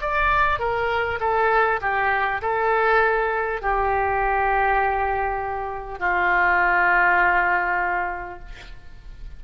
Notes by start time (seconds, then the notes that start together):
0.00 D5
0.59 A#4
1.20 A4
1.81 G4
2.41 A4
3.61 G4
5.99 F4